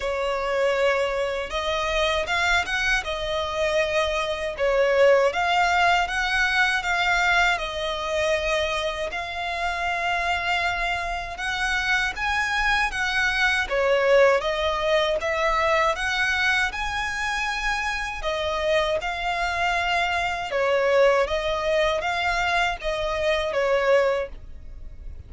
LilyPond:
\new Staff \with { instrumentName = "violin" } { \time 4/4 \tempo 4 = 79 cis''2 dis''4 f''8 fis''8 | dis''2 cis''4 f''4 | fis''4 f''4 dis''2 | f''2. fis''4 |
gis''4 fis''4 cis''4 dis''4 | e''4 fis''4 gis''2 | dis''4 f''2 cis''4 | dis''4 f''4 dis''4 cis''4 | }